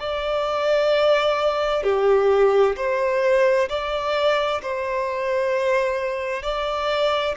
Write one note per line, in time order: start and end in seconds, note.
0.00 1.84 D5
1.84 2.77 G4
2.77 3.69 C5
3.69 4.62 D5
4.63 6.43 C5
6.43 7.36 D5